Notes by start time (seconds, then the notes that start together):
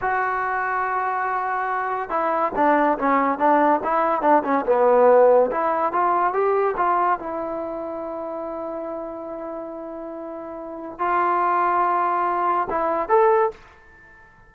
0.01 F#4
2.09 E4
2.55 D4
2.98 C#4
3.38 D4
3.83 E4
4.21 D4
4.43 C#4
4.65 B3
5.51 E4
5.92 F4
6.33 G4
6.76 F4
7.19 E4
10.99 F4
12.70 E4
13.08 A4